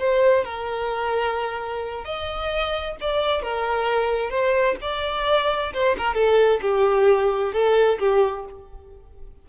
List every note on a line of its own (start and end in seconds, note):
0.00 0.45 C5
0.45 2.05 A#4
2.05 2.97 D#5
3.01 3.43 D5
3.43 4.31 A#4
4.31 4.76 C5
4.82 5.74 D5
5.74 5.97 C5
5.98 6.15 A#4
6.15 6.61 A4
6.62 7.53 G4
7.53 7.99 A4
7.99 8.45 G4